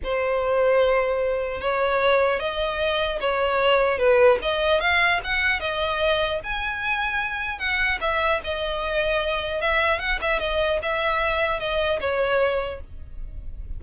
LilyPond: \new Staff \with { instrumentName = "violin" } { \time 4/4 \tempo 4 = 150 c''1 | cis''2 dis''2 | cis''2 b'4 dis''4 | f''4 fis''4 dis''2 |
gis''2. fis''4 | e''4 dis''2. | e''4 fis''8 e''8 dis''4 e''4~ | e''4 dis''4 cis''2 | }